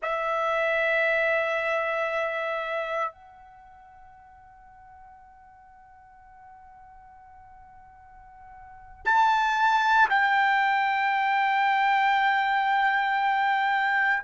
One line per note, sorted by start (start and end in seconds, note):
0.02 3.11 E5
3.11 9.05 F#5
9.05 10.09 A5
10.09 14.23 G5